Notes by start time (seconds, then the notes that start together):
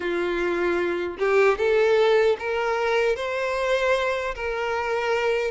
0.00 F4
1.18 G4
1.58 A4
2.39 A#4
3.16 C5
4.35 A#4